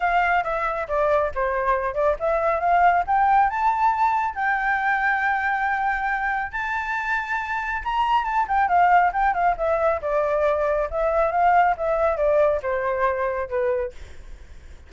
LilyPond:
\new Staff \with { instrumentName = "flute" } { \time 4/4 \tempo 4 = 138 f''4 e''4 d''4 c''4~ | c''8 d''8 e''4 f''4 g''4 | a''2 g''2~ | g''2. a''4~ |
a''2 ais''4 a''8 g''8 | f''4 g''8 f''8 e''4 d''4~ | d''4 e''4 f''4 e''4 | d''4 c''2 b'4 | }